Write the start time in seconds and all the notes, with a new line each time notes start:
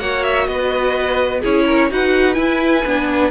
0.00 A#3 F#4 C#5 F#5
0.24 E5
0.47 B3 B4 D#5
1.41 C#4 E4 G#4 C#5
1.66 A#4
1.90 D#4 F#4 B4 F#5
2.34 E4 G#5
2.86 B3 D4